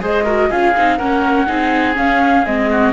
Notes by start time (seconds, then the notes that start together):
0.00 G#3 G#4 C5 D#5
0.24 F#4 A#4
0.50 C#4 F4 G#4 F5
0.76 C4 D#4
0.97 A#3 C#4 A#4 F#5
1.46 C4 D#4 G#4
1.94 C#4 F5
2.46 G#3 C4 D#5
2.71 F#4